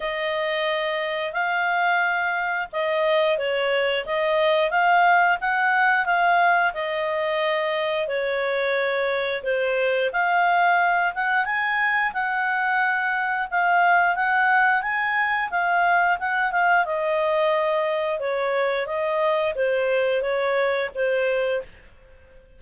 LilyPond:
\new Staff \with { instrumentName = "clarinet" } { \time 4/4 \tempo 4 = 89 dis''2 f''2 | dis''4 cis''4 dis''4 f''4 | fis''4 f''4 dis''2 | cis''2 c''4 f''4~ |
f''8 fis''8 gis''4 fis''2 | f''4 fis''4 gis''4 f''4 | fis''8 f''8 dis''2 cis''4 | dis''4 c''4 cis''4 c''4 | }